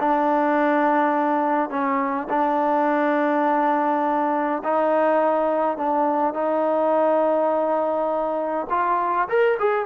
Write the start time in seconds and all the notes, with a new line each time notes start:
0.00 D4
1.70 C#4
2.30 D4
4.64 D#4
5.77 D4
6.34 D#4
8.70 F4
9.29 A#4
9.60 G#4